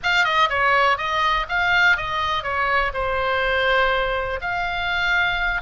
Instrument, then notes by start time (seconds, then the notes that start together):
oboe
0.03 F5
0.24 D#5
0.49 C#5
0.97 D#5
1.48 F5
1.96 D#5
2.43 C#5
2.93 C5
4.41 F5